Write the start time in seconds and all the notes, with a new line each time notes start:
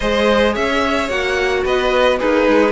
0.00 G#3 G#4 C5 D#5
0.53 C#4 C#5 E5
1.09 A#3 F#4 F#5
1.64 B3 B4 D#5
2.18 A#3 D#4 G#4 B4
2.47 G#3